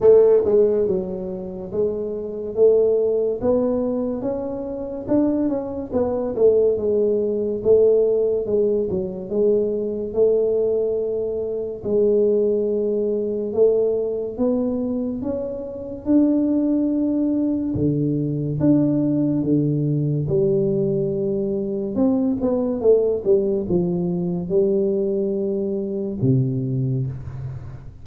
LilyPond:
\new Staff \with { instrumentName = "tuba" } { \time 4/4 \tempo 4 = 71 a8 gis8 fis4 gis4 a4 | b4 cis'4 d'8 cis'8 b8 a8 | gis4 a4 gis8 fis8 gis4 | a2 gis2 |
a4 b4 cis'4 d'4~ | d'4 d4 d'4 d4 | g2 c'8 b8 a8 g8 | f4 g2 c4 | }